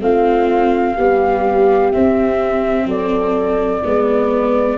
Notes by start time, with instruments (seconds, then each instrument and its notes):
0.00 tuba A3, viola C4, horn F4, flute F5
0.94 viola G3, tuba B3, horn G4
1.92 viola C4, tuba C4, flute E5
2.85 tuba F#3, horn A4, flute D5
3.84 tuba G#3, viola B3, horn B4